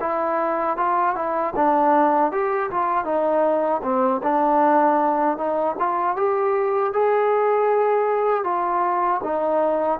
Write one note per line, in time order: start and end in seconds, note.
0.00 0.77 E4
0.77 1.15 F4
1.15 1.53 E4
1.56 2.31 D4
2.31 2.70 G4
2.70 3.04 F4
3.04 3.81 D#4
3.83 4.21 C4
4.23 5.37 D4
5.37 5.76 D#4
5.79 6.16 F4
6.16 6.93 G4
6.93 8.44 G#4
8.44 9.21 F4
9.23 9.99 D#4